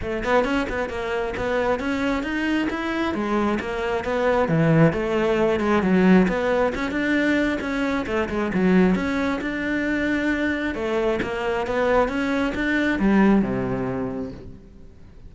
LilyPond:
\new Staff \with { instrumentName = "cello" } { \time 4/4 \tempo 4 = 134 a8 b8 cis'8 b8 ais4 b4 | cis'4 dis'4 e'4 gis4 | ais4 b4 e4 a4~ | a8 gis8 fis4 b4 cis'8 d'8~ |
d'4 cis'4 a8 gis8 fis4 | cis'4 d'2. | a4 ais4 b4 cis'4 | d'4 g4 c2 | }